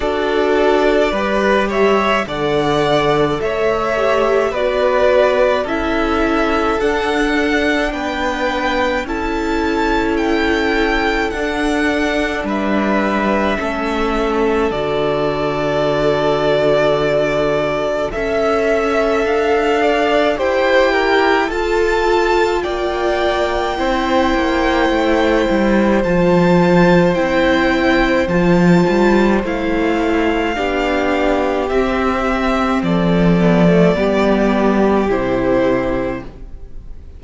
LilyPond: <<
  \new Staff \with { instrumentName = "violin" } { \time 4/4 \tempo 4 = 53 d''4. e''8 fis''4 e''4 | d''4 e''4 fis''4 g''4 | a''4 g''4 fis''4 e''4~ | e''4 d''2. |
e''4 f''4 g''4 a''4 | g''2. a''4 | g''4 a''4 f''2 | e''4 d''2 c''4 | }
  \new Staff \with { instrumentName = "violin" } { \time 4/4 a'4 b'8 cis''8 d''4 cis''4 | b'4 a'2 b'4 | a'2. b'4 | a'1 |
e''4. d''8 c''8 ais'8 a'4 | d''4 c''2.~ | c''2. g'4~ | g'4 a'4 g'2 | }
  \new Staff \with { instrumentName = "viola" } { \time 4/4 fis'4 g'4 a'4. g'8 | fis'4 e'4 d'2 | e'2 d'2 | cis'4 fis'2. |
a'2 g'4 f'4~ | f'4 e'2 f'4 | e'4 f'4 e'4 d'4 | c'4. b16 a16 b4 e'4 | }
  \new Staff \with { instrumentName = "cello" } { \time 4/4 d'4 g4 d4 a4 | b4 cis'4 d'4 b4 | cis'2 d'4 g4 | a4 d2. |
cis'4 d'4 e'4 f'4 | ais4 c'8 ais8 a8 g8 f4 | c'4 f8 g8 a4 b4 | c'4 f4 g4 c4 | }
>>